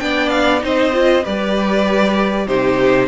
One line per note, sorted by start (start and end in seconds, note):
0.00 0.64 B3
0.00 0.61 D4
0.00 0.64 D5
0.00 0.29 G5
0.29 0.60 F5
0.61 1.26 C4
0.61 0.92 D#4
0.61 1.24 C5
0.61 1.27 D#5
0.93 1.24 F4
1.24 2.48 G3
1.24 2.48 G4
1.24 2.47 B4
1.24 2.48 D5
2.48 3.09 C3
2.48 3.09 D#4
2.48 3.09 G4
2.48 3.09 C5